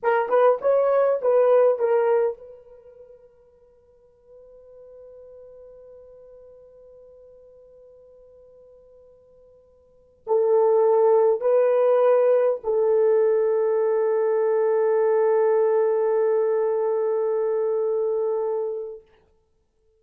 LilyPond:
\new Staff \with { instrumentName = "horn" } { \time 4/4 \tempo 4 = 101 ais'8 b'8 cis''4 b'4 ais'4 | b'1~ | b'1~ | b'1~ |
b'4~ b'16 a'2 b'8.~ | b'4~ b'16 a'2~ a'8.~ | a'1~ | a'1 | }